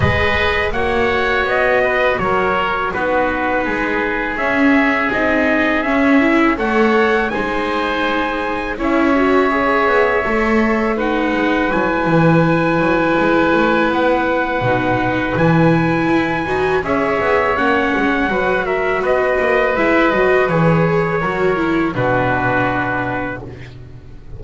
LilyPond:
<<
  \new Staff \with { instrumentName = "trumpet" } { \time 4/4 \tempo 4 = 82 dis''4 fis''4 dis''4 cis''4 | b'2 e''4 dis''4 | e''4 fis''4 gis''2 | e''2. fis''4 |
gis''2. fis''4~ | fis''4 gis''2 e''4 | fis''4. e''8 dis''4 e''8 dis''8 | cis''2 b'2 | }
  \new Staff \with { instrumentName = "oboe" } { \time 4/4 b'4 cis''4. b'8 ais'4 | fis'4 gis'2.~ | gis'4 cis''4 c''2 | cis''2. b'4~ |
b'1~ | b'2. cis''4~ | cis''4 b'8 ais'8 b'2~ | b'4 ais'4 fis'2 | }
  \new Staff \with { instrumentName = "viola" } { \time 4/4 gis'4 fis'2. | dis'2 cis'4 dis'4 | cis'8 e'8 a'4 dis'2 | e'8 fis'8 gis'4 a'4 dis'4 |
e'1 | dis'4 e'4. fis'8 gis'4 | cis'4 fis'2 e'8 fis'8 | gis'4 fis'8 e'8 d'2 | }
  \new Staff \with { instrumentName = "double bass" } { \time 4/4 gis4 ais4 b4 fis4 | b4 gis4 cis'4 c'4 | cis'4 a4 gis2 | cis'4. b8 a4. gis8 |
fis8 e4 fis8 gis8 a8 b4 | b,4 e4 e'8 dis'8 cis'8 b8 | ais8 gis8 fis4 b8 ais8 gis8 fis8 | e4 fis4 b,2 | }
>>